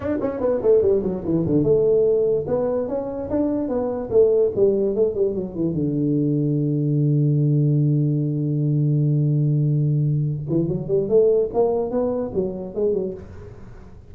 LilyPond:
\new Staff \with { instrumentName = "tuba" } { \time 4/4 \tempo 4 = 146 d'8 cis'8 b8 a8 g8 fis8 e8 d8 | a2 b4 cis'4 | d'4 b4 a4 g4 | a8 g8 fis8 e8 d2~ |
d1~ | d1~ | d4. e8 fis8 g8 a4 | ais4 b4 fis4 gis8 fis8 | }